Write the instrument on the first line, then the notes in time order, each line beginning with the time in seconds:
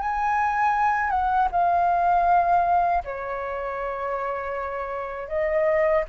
flute
0.00 G#5
1.10 F#5
1.51 F5
3.04 C#5
5.28 D#5